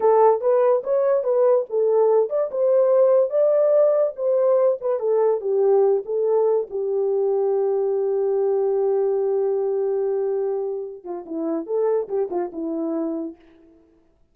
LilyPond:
\new Staff \with { instrumentName = "horn" } { \time 4/4 \tempo 4 = 144 a'4 b'4 cis''4 b'4 | a'4. d''8 c''2 | d''2 c''4. b'8 | a'4 g'4. a'4. |
g'1~ | g'1~ | g'2~ g'8 f'8 e'4 | a'4 g'8 f'8 e'2 | }